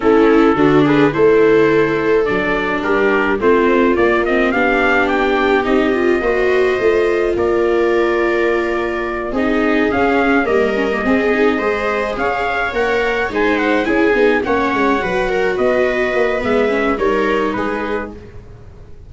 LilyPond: <<
  \new Staff \with { instrumentName = "trumpet" } { \time 4/4 \tempo 4 = 106 a'4. b'8 c''2 | d''4 ais'4 c''4 d''8 dis''8 | f''4 g''4 dis''2~ | dis''4 d''2.~ |
d''8 dis''4 f''4 dis''4.~ | dis''4. f''4 fis''4 gis''8 | fis''8 gis''4 fis''2 dis''8~ | dis''4 e''4 cis''4 b'4 | }
  \new Staff \with { instrumentName = "viola" } { \time 4/4 e'4 fis'8 gis'8 a'2~ | a'4 g'4 f'2 | g'2. c''4~ | c''4 ais'2.~ |
ais'8 gis'2 ais'4 gis'8~ | gis'8 c''4 cis''2 c''8~ | c''8 gis'4 cis''4 b'8 ais'8 b'8~ | b'2 ais'4 gis'4 | }
  \new Staff \with { instrumentName = "viola" } { \time 4/4 cis'4 d'4 e'2 | d'2 c'4 ais8 c'8 | d'2 dis'8 f'8 fis'4 | f'1~ |
f'8 dis'4 cis'4 ais8 cis'16 ais16 c'8 | dis'8 gis'2 ais'4 dis'8~ | dis'8 e'8 dis'8 cis'4 fis'4.~ | fis'4 b8 cis'8 dis'2 | }
  \new Staff \with { instrumentName = "tuba" } { \time 4/4 a4 d4 a2 | fis4 g4 a4 ais4 | b2 c'4 ais4 | a4 ais2.~ |
ais8 c'4 cis'4 g4 c'8~ | c'8 gis4 cis'4 ais4 gis8~ | gis8 cis'8 b8 ais8 gis8 fis4 b8~ | b8 ais8 gis4 g4 gis4 | }
>>